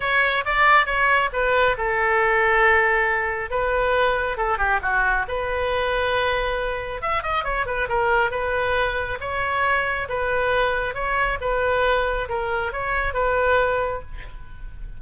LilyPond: \new Staff \with { instrumentName = "oboe" } { \time 4/4 \tempo 4 = 137 cis''4 d''4 cis''4 b'4 | a'1 | b'2 a'8 g'8 fis'4 | b'1 |
e''8 dis''8 cis''8 b'8 ais'4 b'4~ | b'4 cis''2 b'4~ | b'4 cis''4 b'2 | ais'4 cis''4 b'2 | }